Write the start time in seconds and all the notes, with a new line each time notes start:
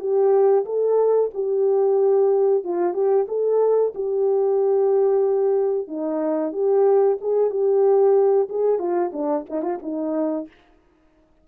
0.00 G4
0.66 A4
1.34 G4
2.64 F4
2.94 G4
3.28 A4
3.95 G4
5.88 D#4
6.52 G4
7.21 G#4
7.50 G4
8.49 G#4
8.79 F4
9.13 D4
9.50 D#4
9.62 F4
9.83 D#4